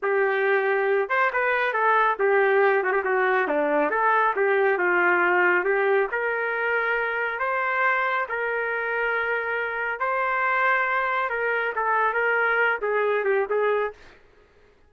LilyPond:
\new Staff \with { instrumentName = "trumpet" } { \time 4/4 \tempo 4 = 138 g'2~ g'8 c''8 b'4 | a'4 g'4. fis'16 g'16 fis'4 | d'4 a'4 g'4 f'4~ | f'4 g'4 ais'2~ |
ais'4 c''2 ais'4~ | ais'2. c''4~ | c''2 ais'4 a'4 | ais'4. gis'4 g'8 gis'4 | }